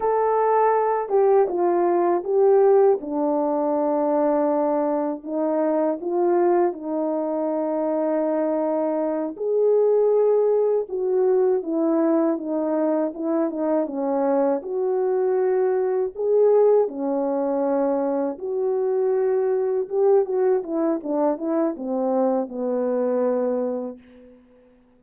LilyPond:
\new Staff \with { instrumentName = "horn" } { \time 4/4 \tempo 4 = 80 a'4. g'8 f'4 g'4 | d'2. dis'4 | f'4 dis'2.~ | dis'8 gis'2 fis'4 e'8~ |
e'8 dis'4 e'8 dis'8 cis'4 fis'8~ | fis'4. gis'4 cis'4.~ | cis'8 fis'2 g'8 fis'8 e'8 | d'8 e'8 c'4 b2 | }